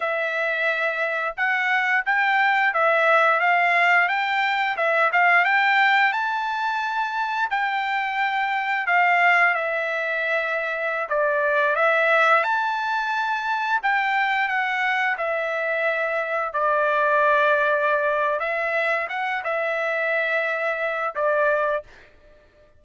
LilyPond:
\new Staff \with { instrumentName = "trumpet" } { \time 4/4 \tempo 4 = 88 e''2 fis''4 g''4 | e''4 f''4 g''4 e''8 f''8 | g''4 a''2 g''4~ | g''4 f''4 e''2~ |
e''16 d''4 e''4 a''4.~ a''16~ | a''16 g''4 fis''4 e''4.~ e''16~ | e''16 d''2~ d''8. e''4 | fis''8 e''2~ e''8 d''4 | }